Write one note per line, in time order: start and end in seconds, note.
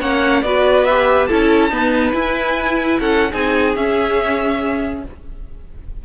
0.00 0.42 A#3
0.00 0.44 C#4
0.00 0.43 C#5
0.00 0.42 F#5
0.42 1.27 B3
0.42 0.87 F#4
0.42 1.28 B4
0.42 0.85 D5
0.85 1.29 G4
0.85 1.27 E5
1.27 1.70 C#4
1.27 1.70 E4
1.27 1.71 A4
1.27 2.12 A5
1.70 2.12 B3
1.70 2.13 D#4
1.70 2.99 B4
2.12 3.30 E4
2.12 2.99 E4
2.12 2.98 G#5
2.99 3.32 C#4
2.99 3.31 A4
2.99 3.32 F#5
3.31 3.76 C4
3.31 3.75 D#4
3.31 5.03 G#4
3.31 3.76 G#5
3.76 5.04 C#4
3.76 5.05 C#4
3.76 5.04 E5